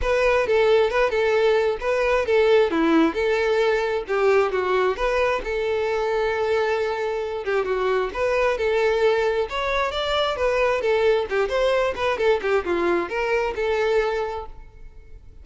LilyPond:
\new Staff \with { instrumentName = "violin" } { \time 4/4 \tempo 4 = 133 b'4 a'4 b'8 a'4. | b'4 a'4 e'4 a'4~ | a'4 g'4 fis'4 b'4 | a'1~ |
a'8 g'8 fis'4 b'4 a'4~ | a'4 cis''4 d''4 b'4 | a'4 g'8 c''4 b'8 a'8 g'8 | f'4 ais'4 a'2 | }